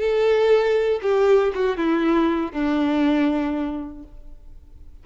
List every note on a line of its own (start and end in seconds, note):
0.00 1.01 A4
1.02 1.53 G4
1.55 1.77 F#4
1.77 2.52 E4
2.52 4.04 D4